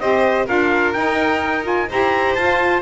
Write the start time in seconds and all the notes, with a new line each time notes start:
0.00 C4 G4 C5 D#5
0.46 D4 F4 A#4 F5
0.93 D#4 G5
1.63 F4 G#5
1.89 E4 G4 C5 A#5
2.35 F4 A5